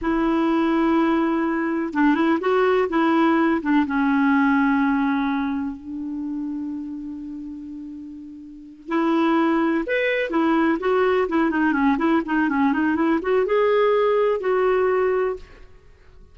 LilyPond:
\new Staff \with { instrumentName = "clarinet" } { \time 4/4 \tempo 4 = 125 e'1 | d'8 e'8 fis'4 e'4. d'8 | cis'1 | d'1~ |
d'2~ d'8 e'4.~ | e'8 b'4 e'4 fis'4 e'8 | dis'8 cis'8 e'8 dis'8 cis'8 dis'8 e'8 fis'8 | gis'2 fis'2 | }